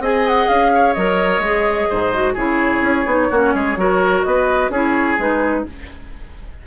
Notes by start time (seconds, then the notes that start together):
0.00 C4 G#4 D#5 G#5
0.28 F#5
0.49 C#4 F5
0.75 C#5
0.94 F#3 A#4 D#5
1.39 G#3 G#4
1.90 G#2 C5
2.13 F#4
2.34 C#3 E4 G#4 C#5
2.82 C#4
3.06 B3 D#4
3.31 A#3 C#4 F#4
3.54 G#3 G#4
3.77 F#3 F#4 A#4
4.24 B3 B4 D#5
4.70 C#4 E4 G#4 C#5
5.19 G#3 D#4 B4